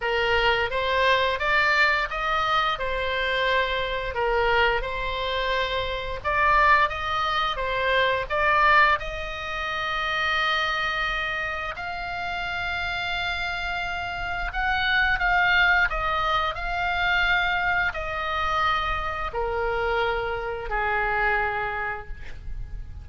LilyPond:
\new Staff \with { instrumentName = "oboe" } { \time 4/4 \tempo 4 = 87 ais'4 c''4 d''4 dis''4 | c''2 ais'4 c''4~ | c''4 d''4 dis''4 c''4 | d''4 dis''2.~ |
dis''4 f''2.~ | f''4 fis''4 f''4 dis''4 | f''2 dis''2 | ais'2 gis'2 | }